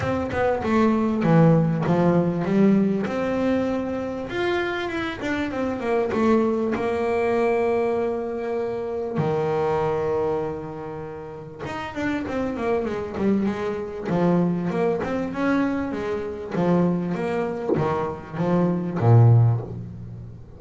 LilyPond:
\new Staff \with { instrumentName = "double bass" } { \time 4/4 \tempo 4 = 98 c'8 b8 a4 e4 f4 | g4 c'2 f'4 | e'8 d'8 c'8 ais8 a4 ais4~ | ais2. dis4~ |
dis2. dis'8 d'8 | c'8 ais8 gis8 g8 gis4 f4 | ais8 c'8 cis'4 gis4 f4 | ais4 dis4 f4 ais,4 | }